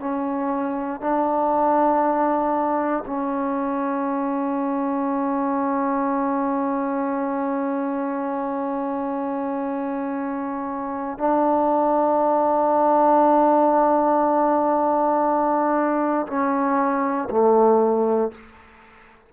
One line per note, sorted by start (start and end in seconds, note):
0.00 1.01 C#4
1.01 3.04 D4
3.06 11.18 C#4
11.18 16.27 D4
16.27 17.29 C#4
17.30 18.32 A3